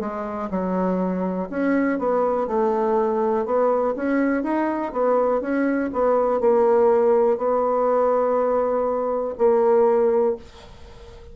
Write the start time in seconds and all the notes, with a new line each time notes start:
0.00 G#3
0.50 F#3
1.50 C#4
1.99 B3
2.47 A3
3.45 B3
3.96 C#4
4.43 D#4
4.92 B3
5.41 C#4
5.92 B3
6.40 A#3
7.37 B3
9.38 A#3